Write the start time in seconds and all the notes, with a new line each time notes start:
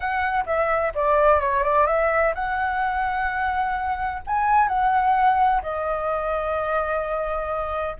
0.00 F#5
0.46 E5
0.95 D5
1.40 C#5
1.63 D5
1.86 E5
2.35 F#5
4.27 G#5
4.67 F#5
5.62 D#5